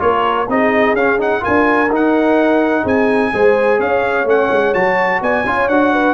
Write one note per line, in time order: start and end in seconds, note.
0.00 0.48 A#3
0.00 0.47 F4
0.00 0.50 A#4
0.00 0.49 C#5
0.48 0.93 C4
0.48 0.97 D#4
0.48 1.43 G#4
0.48 0.96 D#5
0.93 1.41 C#4
0.93 1.19 C#4
0.93 1.20 F5
1.19 1.41 D#4
1.19 1.44 F#5
1.41 1.88 F4
1.41 2.83 A#4
1.41 1.92 G#5
1.48 1.90 D4
1.90 2.84 D#4
1.90 3.33 D#4
1.90 2.87 F#5
2.83 3.32 C4
2.83 3.30 G#4
2.83 3.81 G#5
3.33 3.80 G#3
3.33 4.27 G#4
3.33 3.79 C5
3.79 4.25 C#4
3.79 5.21 C#5
3.79 4.28 F5
4.25 4.49 A3
4.25 4.74 C#4
4.25 4.74 F#5
4.51 4.75 G#3
4.74 5.22 F#3
4.74 5.45 F#4
4.74 5.22 A5
5.22 5.45 B3
5.22 5.46 D5
5.22 5.69 G#5
5.45 5.68 C#4
5.45 5.71 F4
5.45 5.94 C#5
5.68 6.14 D4
5.68 6.14 F#4
5.68 6.14 F#5
5.94 6.14 B4